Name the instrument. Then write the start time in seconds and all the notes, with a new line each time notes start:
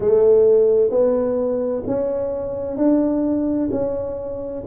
tuba
0.00 A3
0.90 B3
1.86 C#4
2.77 D4
3.71 C#4